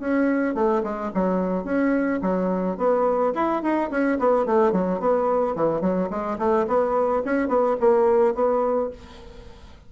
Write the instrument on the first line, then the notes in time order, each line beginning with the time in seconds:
bassoon
0.00 C#4
0.55 A3
0.84 G#3
1.14 F#3
1.64 C#4
2.22 F#3
2.78 B3
3.35 E4
3.63 D#4
3.91 C#4
4.19 B3
4.46 A3
4.72 F#3
5.00 B3
5.56 E3
5.81 F#3
6.10 G#3
6.39 A3
6.68 B3
7.25 C#4
7.48 B3
7.80 A#3
8.35 B3